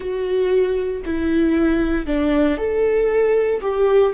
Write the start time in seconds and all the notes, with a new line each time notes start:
0.00 F#4
1.05 E4
2.06 D4
2.57 A4
3.61 G4